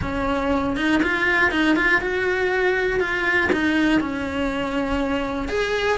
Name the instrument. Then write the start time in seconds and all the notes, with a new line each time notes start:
cello
0.01 C#4
0.76 D#4
1.02 F4
1.51 D#4
1.76 F4
2.01 F#4
3.00 F4
3.52 D#4
4.00 C#4
5.48 G#4